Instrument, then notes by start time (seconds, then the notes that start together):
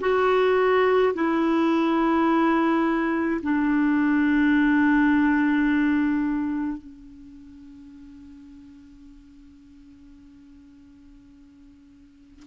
clarinet
0.00 F#4
1.14 E4
3.42 D4
6.77 C#4